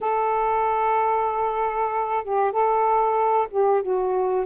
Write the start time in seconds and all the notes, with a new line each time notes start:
0.00 A4
2.24 G4
2.52 A4
3.50 G4
3.82 F#4